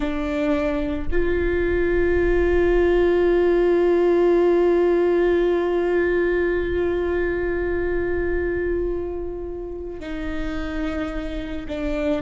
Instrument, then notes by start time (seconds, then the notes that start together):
viola
0.00 D4
1.11 F4
9.99 D#4
11.68 D4